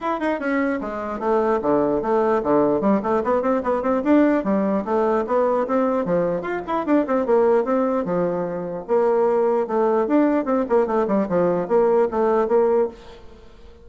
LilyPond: \new Staff \with { instrumentName = "bassoon" } { \time 4/4 \tempo 4 = 149 e'8 dis'8 cis'4 gis4 a4 | d4 a4 d4 g8 a8 | b8 c'8 b8 c'8 d'4 g4 | a4 b4 c'4 f4 |
f'8 e'8 d'8 c'8 ais4 c'4 | f2 ais2 | a4 d'4 c'8 ais8 a8 g8 | f4 ais4 a4 ais4 | }